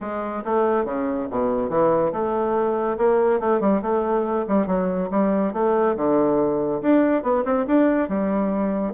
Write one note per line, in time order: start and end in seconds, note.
0.00 0.43 G#3
0.44 0.85 A3
0.85 1.27 C#3
1.30 1.69 B2
1.69 2.12 E3
2.12 2.97 A3
2.97 3.40 A#3
3.40 3.60 A3
3.60 3.81 G3
3.82 4.45 A3
4.48 4.66 G3
4.66 5.09 F#3
5.10 5.53 G3
5.53 5.96 A3
5.96 6.81 D3
6.81 7.22 D4
7.22 7.44 B3
7.44 7.66 C4
7.66 8.08 D4
8.08 8.93 G3